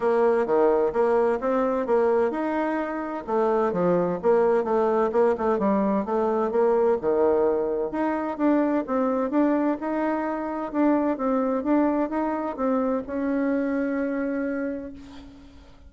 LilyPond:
\new Staff \with { instrumentName = "bassoon" } { \time 4/4 \tempo 4 = 129 ais4 dis4 ais4 c'4 | ais4 dis'2 a4 | f4 ais4 a4 ais8 a8 | g4 a4 ais4 dis4~ |
dis4 dis'4 d'4 c'4 | d'4 dis'2 d'4 | c'4 d'4 dis'4 c'4 | cis'1 | }